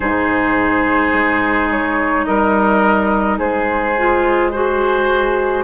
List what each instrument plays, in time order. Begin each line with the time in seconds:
0.00 bassoon G#2, clarinet D#4, oboe G#4, flute C5
1.12 bassoon G#3
1.71 flute C#5
2.25 bassoon G3, oboe A#4, flute D#5
3.38 bassoon G#3, oboe G#4, flute C5
3.97 clarinet F4
4.51 clarinet F#4, flute G#4, oboe C5